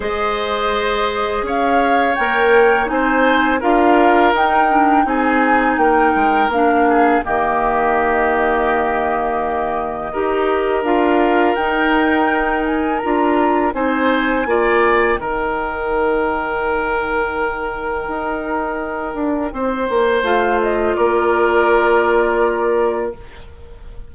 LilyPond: <<
  \new Staff \with { instrumentName = "flute" } { \time 4/4 \tempo 4 = 83 dis''2 f''4 g''4 | gis''4 f''4 g''4 gis''4 | g''4 f''4 dis''2~ | dis''2. f''4 |
g''4. gis''8 ais''4 gis''4~ | gis''4 g''2.~ | g''1 | f''8 dis''8 d''2. | }
  \new Staff \with { instrumentName = "oboe" } { \time 4/4 c''2 cis''2 | c''4 ais'2 gis'4 | ais'4. gis'8 g'2~ | g'2 ais'2~ |
ais'2. c''4 | d''4 ais'2.~ | ais'2. c''4~ | c''4 ais'2. | }
  \new Staff \with { instrumentName = "clarinet" } { \time 4/4 gis'2. ais'4 | dis'4 f'4 dis'8 d'8 dis'4~ | dis'4 d'4 ais2~ | ais2 g'4 f'4 |
dis'2 f'4 dis'4 | f'4 dis'2.~ | dis'1 | f'1 | }
  \new Staff \with { instrumentName = "bassoon" } { \time 4/4 gis2 cis'4 ais4 | c'4 d'4 dis'4 c'4 | ais8 gis8 ais4 dis2~ | dis2 dis'4 d'4 |
dis'2 d'4 c'4 | ais4 dis2.~ | dis4 dis'4. d'8 c'8 ais8 | a4 ais2. | }
>>